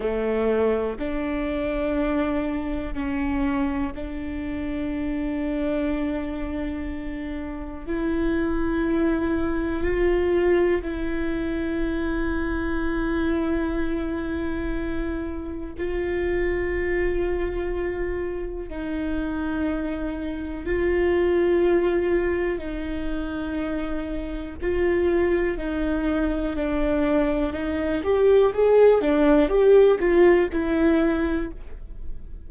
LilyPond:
\new Staff \with { instrumentName = "viola" } { \time 4/4 \tempo 4 = 61 a4 d'2 cis'4 | d'1 | e'2 f'4 e'4~ | e'1 |
f'2. dis'4~ | dis'4 f'2 dis'4~ | dis'4 f'4 dis'4 d'4 | dis'8 g'8 gis'8 d'8 g'8 f'8 e'4 | }